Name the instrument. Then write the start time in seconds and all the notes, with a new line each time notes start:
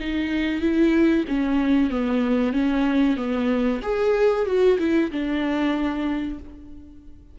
viola
0.00 D#4
0.61 E4
1.28 C#4
1.90 B3
2.53 C#4
3.17 B3
3.82 G#4
4.46 F#4
4.79 E4
5.11 D4